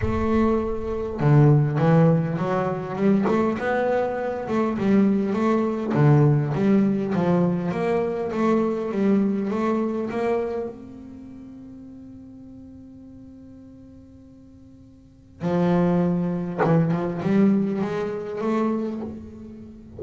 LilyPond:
\new Staff \with { instrumentName = "double bass" } { \time 4/4 \tempo 4 = 101 a2 d4 e4 | fis4 g8 a8 b4. a8 | g4 a4 d4 g4 | f4 ais4 a4 g4 |
a4 ais4 c'2~ | c'1~ | c'2 f2 | e8 f8 g4 gis4 a4 | }